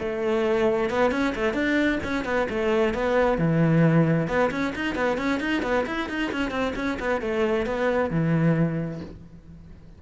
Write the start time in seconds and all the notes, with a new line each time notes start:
0.00 A3
0.90 B3
1.12 C#4
1.36 A3
1.54 D4
2.04 C#4
2.25 B3
2.50 A3
2.94 B3
3.38 E3
4.28 B3
4.51 C#4
4.76 D#4
4.96 B3
5.18 C#4
5.40 D#4
5.63 B3
5.87 E4
6.09 D#4
6.32 C#4
6.51 C4
6.76 C#4
7.00 B3
7.21 A3
7.66 B3
8.11 E3